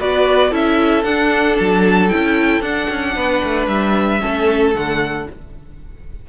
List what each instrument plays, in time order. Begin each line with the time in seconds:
0.00 cello B3, viola F#4, violin B4 D5
0.51 cello C#4, viola E4, violin A4 E5
1.04 cello D4, viola D4, violin F#5
1.58 cello F#3, violin A5
2.09 cello C#4, viola E4, violin G5
2.62 cello D4, viola D4, violin F#5
2.90 cello C#4
3.16 cello B3, violin B4
3.44 cello A3
3.68 cello G3, violin E5
4.21 cello A3, viola C#4, violin A4
4.75 cello D3, viola A3, violin F#5